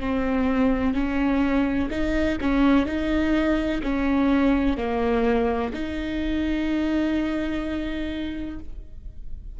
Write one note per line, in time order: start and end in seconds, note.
0.00 0.94 C4
0.94 1.89 C#4
1.90 2.38 D#4
2.41 2.86 C#4
2.86 3.81 D#4
3.83 4.77 C#4
4.77 5.72 A#3
5.73 8.59 D#4